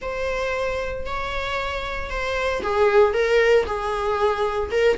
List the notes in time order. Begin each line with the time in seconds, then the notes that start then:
0.01 C5
1.05 C#5
2.10 C5
2.62 G#4
3.13 A#4
3.65 G#4
4.71 A#4